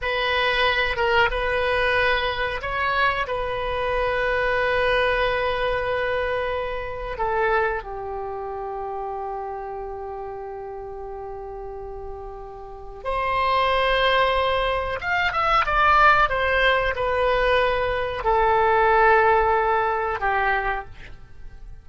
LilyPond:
\new Staff \with { instrumentName = "oboe" } { \time 4/4 \tempo 4 = 92 b'4. ais'8 b'2 | cis''4 b'2.~ | b'2. a'4 | g'1~ |
g'1 | c''2. f''8 e''8 | d''4 c''4 b'2 | a'2. g'4 | }